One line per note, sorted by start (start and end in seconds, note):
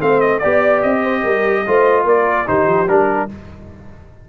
0.00 0.42 A3
0.00 0.41 C4
0.00 0.40 C5
0.00 0.21 F5
0.21 0.39 D#5
0.39 0.84 B3
0.39 1.66 G4
0.39 0.80 D5
0.39 1.01 D5
0.83 1.24 C4
0.83 2.06 D#5
1.03 1.23 C5
1.23 1.66 G3
1.23 1.65 A#4
1.67 2.05 A3
1.67 2.47 F4
1.67 2.06 C5
2.05 2.46 A#3
2.05 2.47 A#4
2.05 2.48 D5
2.47 2.67 D#3
2.47 2.88 D#4
2.47 3.29 G4
2.47 2.89 C5
2.67 2.88 F3
2.88 3.29 G3
2.88 3.29 D4
2.88 3.30 A#4